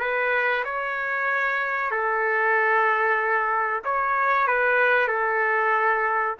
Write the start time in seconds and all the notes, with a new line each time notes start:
0.00 B4
0.64 C#5
1.91 A4
3.84 C#5
4.47 B4
5.08 A4